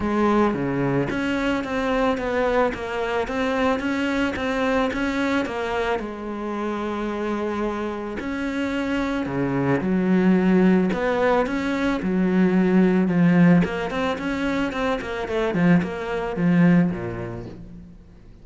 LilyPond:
\new Staff \with { instrumentName = "cello" } { \time 4/4 \tempo 4 = 110 gis4 cis4 cis'4 c'4 | b4 ais4 c'4 cis'4 | c'4 cis'4 ais4 gis4~ | gis2. cis'4~ |
cis'4 cis4 fis2 | b4 cis'4 fis2 | f4 ais8 c'8 cis'4 c'8 ais8 | a8 f8 ais4 f4 ais,4 | }